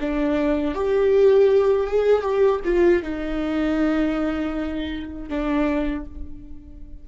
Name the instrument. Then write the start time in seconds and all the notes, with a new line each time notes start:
viola
0.00 D4
0.74 G4
1.87 G#4
2.22 G4
2.64 F4
3.02 D#4
5.29 D4